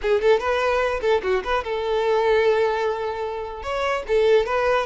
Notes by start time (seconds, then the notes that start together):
0.02 G#4
0.21 A4
0.39 B4
1.01 A4
1.23 F#4
1.44 B4
1.63 A4
3.62 C#5
4.07 A4
4.46 B4